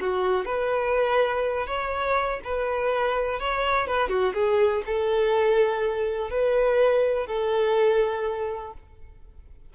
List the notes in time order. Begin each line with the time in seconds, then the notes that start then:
0.00 F#4
0.45 B4
1.67 C#5
2.44 B4
3.39 C#5
3.87 B4
4.08 F#4
4.33 G#4
4.86 A4
6.30 B4
7.26 A4